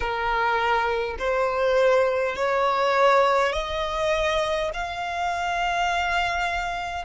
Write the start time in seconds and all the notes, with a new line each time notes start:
0.00 A#4
1.18 C5
2.35 C#5
3.52 D#5
4.73 F5